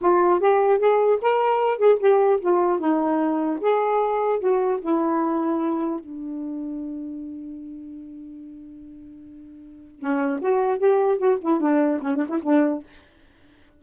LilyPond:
\new Staff \with { instrumentName = "saxophone" } { \time 4/4 \tempo 4 = 150 f'4 g'4 gis'4 ais'4~ | ais'8 gis'8 g'4 f'4 dis'4~ | dis'4 gis'2 fis'4 | e'2. d'4~ |
d'1~ | d'1~ | d'4 cis'4 fis'4 g'4 | fis'8 e'8 d'4 cis'8 d'16 e'16 d'4 | }